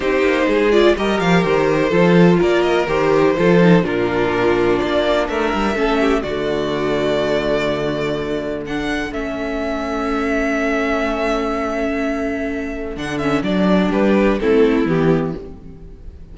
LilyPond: <<
  \new Staff \with { instrumentName = "violin" } { \time 4/4 \tempo 4 = 125 c''4. d''8 dis''8 f''8 c''4~ | c''4 d''8 dis''8 c''2 | ais'2 d''4 e''4~ | e''4 d''2.~ |
d''2 fis''4 e''4~ | e''1~ | e''2. fis''8 e''8 | d''4 b'4 a'4 g'4 | }
  \new Staff \with { instrumentName = "violin" } { \time 4/4 g'4 gis'4 ais'2 | a'4 ais'2 a'4 | f'2. ais'4 | a'8 g'8 fis'2.~ |
fis'2 a'2~ | a'1~ | a'1~ | a'4 g'4 e'2 | }
  \new Staff \with { instrumentName = "viola" } { \time 4/4 dis'4. f'8 g'2 | f'2 g'4 f'8 dis'8 | d'1 | cis'4 a2.~ |
a2 d'4 cis'4~ | cis'1~ | cis'2. d'8 cis'8 | d'2 c'4 b4 | }
  \new Staff \with { instrumentName = "cello" } { \time 4/4 c'8 ais8 gis4 g8 f8 dis4 | f4 ais4 dis4 f4 | ais,2 ais4 a8 g8 | a4 d2.~ |
d2. a4~ | a1~ | a2. d4 | fis4 g4 a4 e4 | }
>>